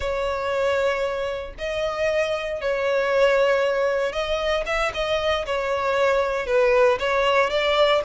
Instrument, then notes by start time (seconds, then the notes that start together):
violin
0.00 C#5
1.58 D#5
2.61 C#5
4.12 D#5
4.66 E5
4.93 D#5
5.46 C#5
6.46 B4
6.99 C#5
7.50 D5